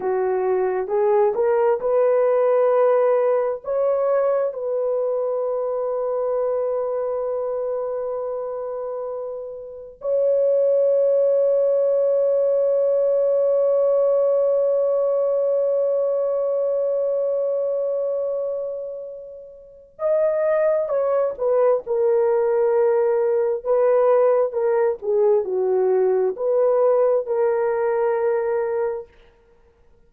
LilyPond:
\new Staff \with { instrumentName = "horn" } { \time 4/4 \tempo 4 = 66 fis'4 gis'8 ais'8 b'2 | cis''4 b'2.~ | b'2. cis''4~ | cis''1~ |
cis''1~ | cis''2 dis''4 cis''8 b'8 | ais'2 b'4 ais'8 gis'8 | fis'4 b'4 ais'2 | }